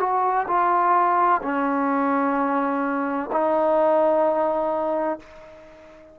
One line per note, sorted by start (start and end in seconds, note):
0.00 0.47 F#4
0.48 1.42 F4
1.43 3.30 C#4
3.32 5.20 D#4